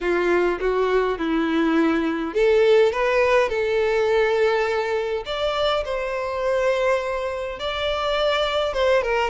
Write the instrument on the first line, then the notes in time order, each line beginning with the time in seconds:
violin
0.01 F4
0.60 F#4
1.18 E4
2.34 A4
2.92 B4
3.49 A4
5.25 D5
5.84 C5
7.59 D5
8.73 C5
9.02 A#4